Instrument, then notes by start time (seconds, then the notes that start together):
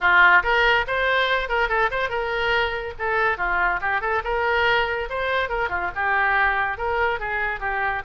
oboe
0.00 F4
0.43 A#4
0.87 C5
1.48 A#4
1.69 A4
1.90 C5
2.09 A#4
2.98 A4
3.37 F4
3.81 G4
4.01 A4
4.24 A#4
5.09 C5
5.49 A#4
5.69 F4
5.95 G4
6.77 A#4
7.19 G#4
7.60 G4